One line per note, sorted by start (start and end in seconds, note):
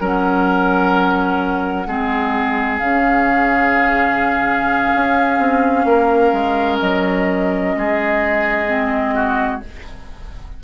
0.00 1.87 F#3
0.00 1.88 C#4
0.00 1.88 A#4
0.00 2.80 F#5
1.87 2.81 G#3
1.87 2.82 C4
1.87 5.86 G#4
2.80 4.92 C#3
2.80 8.68 C#4
2.80 6.78 F5
4.95 5.39 C#4
5.39 5.85 C4
5.85 6.32 A#3
5.85 7.76 A#4
6.33 6.80 G#3
6.79 7.75 F#3
6.79 9.61 D#5
7.77 9.64 G#3
7.77 9.15 G#4
8.68 9.61 C4
9.15 9.62 F#4